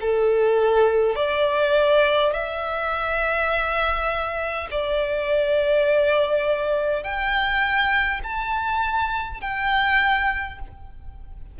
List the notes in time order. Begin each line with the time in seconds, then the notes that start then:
0.00 A4
1.15 D5
2.33 E5
4.71 D5
7.03 G5
8.23 A5
9.41 G5